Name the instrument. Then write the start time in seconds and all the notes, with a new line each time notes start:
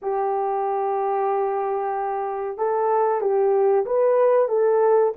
horn
0.02 G4
2.57 A4
3.21 G4
3.85 B4
4.48 A4